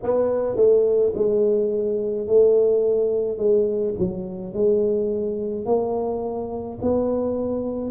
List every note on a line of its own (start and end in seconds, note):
0.03 0.56 B3
0.56 1.12 A3
1.14 2.26 G#3
2.26 3.38 A3
3.38 3.94 G#3
3.98 4.53 F#3
4.53 5.66 G#3
5.66 6.79 A#3
6.81 7.90 B3